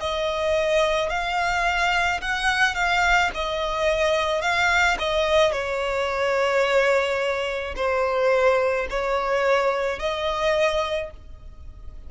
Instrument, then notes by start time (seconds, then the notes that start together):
violin
0.00 D#5
1.10 F5
2.21 F#5
2.75 F5
3.34 D#5
4.42 F5
4.99 D#5
5.52 C#5
7.76 C5
8.90 C#5
9.99 D#5